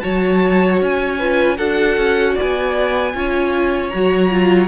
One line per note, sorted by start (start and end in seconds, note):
0.00 0.81 F#3
0.00 1.19 F#4
0.00 1.18 C#5
0.00 0.78 A5
0.81 1.58 C#4
0.81 1.57 G#5
1.18 1.57 F4
1.18 1.57 B4
1.57 1.97 D4
1.57 3.13 F#4
1.57 2.34 A4
1.57 2.35 F#5
1.97 2.36 C#4
2.34 3.12 D5
2.34 3.89 G#5
2.41 3.14 B3
3.13 3.92 C#4
3.13 3.91 F4
3.13 4.68 C#5
3.89 4.68 F#3
3.89 4.31 F#4
3.89 4.67 A#5
4.31 4.68 F4